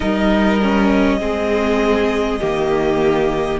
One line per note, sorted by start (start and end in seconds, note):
0.00 1.19 G3
0.00 0.59 D#4
0.00 1.16 A#4
0.00 3.59 D#5
0.61 1.20 C#4
1.19 2.39 G#3
1.19 2.40 C4
1.19 2.40 G#4
2.40 3.60 D#3
2.40 3.60 A#3
2.40 3.60 G4